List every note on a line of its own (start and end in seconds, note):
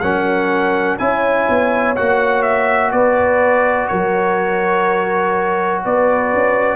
0.00 0.99 F#3
0.00 0.99 C#4
0.00 0.98 A#4
0.00 0.97 F#5
0.98 1.48 C#4
0.98 1.95 E4
0.98 2.93 C#5
0.98 1.95 G#5
1.49 1.97 B3
1.96 2.92 A#3
1.96 6.75 F#4
1.96 2.42 F#5
2.42 2.90 E5
2.91 3.88 B3
2.91 3.89 B4
2.91 3.88 D5
3.88 5.85 F#3
3.88 5.82 A#4
3.88 5.81 C#5
5.84 6.33 B3
5.84 6.75 B4
5.84 6.75 D5
6.33 6.75 C#4